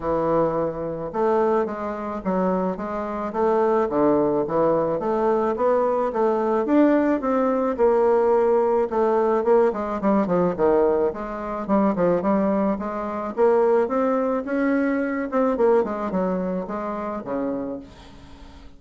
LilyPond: \new Staff \with { instrumentName = "bassoon" } { \time 4/4 \tempo 4 = 108 e2 a4 gis4 | fis4 gis4 a4 d4 | e4 a4 b4 a4 | d'4 c'4 ais2 |
a4 ais8 gis8 g8 f8 dis4 | gis4 g8 f8 g4 gis4 | ais4 c'4 cis'4. c'8 | ais8 gis8 fis4 gis4 cis4 | }